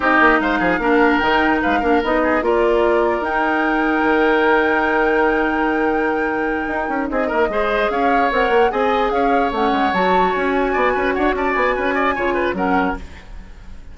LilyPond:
<<
  \new Staff \with { instrumentName = "flute" } { \time 4/4 \tempo 4 = 148 dis''4 f''2 g''4 | f''4 dis''4 d''2 | g''1~ | g''1~ |
g''4. dis''2 f''8~ | f''8 fis''4 gis''4 f''4 fis''8~ | fis''8 a''4 gis''2 fis''8 | a''8 gis''2~ gis''8 fis''4 | }
  \new Staff \with { instrumentName = "oboe" } { \time 4/4 g'4 c''8 gis'8 ais'2 | b'8 ais'4 gis'8 ais'2~ | ais'1~ | ais'1~ |
ais'4. gis'8 ais'8 c''4 cis''8~ | cis''4. dis''4 cis''4.~ | cis''2~ cis''8 d''8 b'8 cis''8 | d''4 b'8 d''8 cis''8 b'8 ais'4 | }
  \new Staff \with { instrumentName = "clarinet" } { \time 4/4 dis'2 d'4 dis'4~ | dis'8 d'8 dis'4 f'2 | dis'1~ | dis'1~ |
dis'2~ dis'8 gis'4.~ | gis'8 ais'4 gis'2 cis'8~ | cis'8 fis'2.~ fis'8~ | fis'2 f'4 cis'4 | }
  \new Staff \with { instrumentName = "bassoon" } { \time 4/4 c'8 ais8 gis8 f8 ais4 dis4 | gis8 ais8 b4 ais2 | dis'2 dis2~ | dis1~ |
dis8 dis'8 cis'8 c'8 ais8 gis4 cis'8~ | cis'8 c'8 ais8 c'4 cis'4 a8 | gis8 fis4 cis'4 b8 cis'8 d'8 | cis'8 b8 cis'4 cis4 fis4 | }
>>